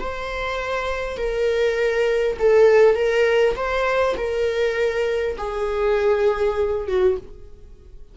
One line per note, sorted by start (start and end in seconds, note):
0.00 1.18 C5
1.18 2.38 A#4
2.39 2.96 A4
2.96 3.56 A#4
3.56 4.16 C5
4.17 5.37 A#4
5.38 6.88 G#4
6.88 7.18 F#4